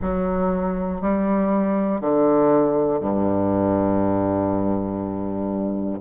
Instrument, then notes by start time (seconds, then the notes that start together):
bassoon
0.01 F#3
1.01 G3
2.00 D3
3.00 G2